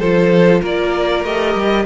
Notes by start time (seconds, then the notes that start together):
0.00 F3 F4 A4 C5
0.62 A#3 A#4 D5
1.25 A3 G4 D#5
1.55 G3